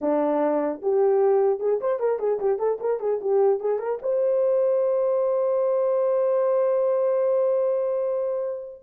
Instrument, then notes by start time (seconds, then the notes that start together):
horn
0.01 D4
0.81 G4
1.59 G#4
1.80 C5
1.99 A#4
2.19 G#4
2.39 G4
2.59 A4
2.80 A#4
2.99 G#4
3.21 G4
3.60 G#4
3.79 A#4
4.01 C5